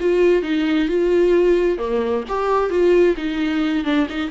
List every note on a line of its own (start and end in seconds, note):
0.00 0.42 F4
0.42 0.88 D#4
0.88 1.78 F4
1.78 2.24 A#3
2.29 2.70 G4
2.70 3.16 F4
3.17 3.84 D#4
3.84 4.07 D4
4.10 4.31 D#4